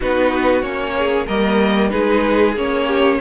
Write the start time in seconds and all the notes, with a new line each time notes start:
0.00 B3 D#4 F#4 B4
0.62 A#3 C#4 C#5
0.98 G#4
1.27 G3 A#3 A#4 D#5
1.89 G#3 D#4 G#4 B4
2.55 A#3 C#4 C#5
2.86 G4